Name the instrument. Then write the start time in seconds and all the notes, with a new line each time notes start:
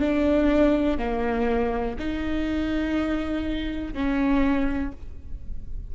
viola
0.00 D4
0.98 A#3
1.99 D#4
3.94 C#4